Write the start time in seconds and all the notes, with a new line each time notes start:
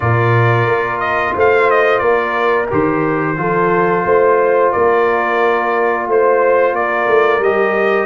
0.00 A#2 F4 A#4 D5
0.66 A#3
0.99 D#5
1.35 A3 C5 F5
1.70 D#5
1.98 A#3 A#4 D5
2.71 D#3 G4 C5
3.36 F3 F4 A4
4.05 A3 C5
4.71 A#3 A#4 D5
6.07 A3 C5
6.73 A#3 A#4 D5
7.08 A3
7.39 G3 G4 D#5